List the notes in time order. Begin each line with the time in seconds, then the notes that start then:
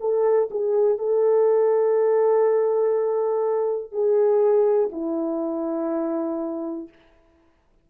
0.00 A4
0.51 G#4
0.98 A4
3.92 G#4
4.92 E4